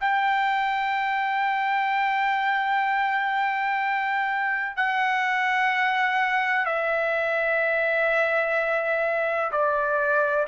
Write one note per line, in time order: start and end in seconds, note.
0.00 4.76 G5
4.76 6.65 F#5
6.65 9.51 E5
9.51 10.46 D5